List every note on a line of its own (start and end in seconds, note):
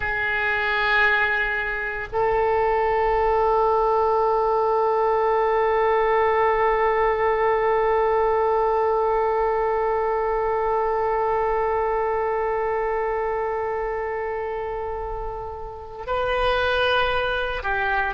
0.00 2.08 G#4
2.12 16.06 A4
16.06 17.62 B4
17.62 18.14 G4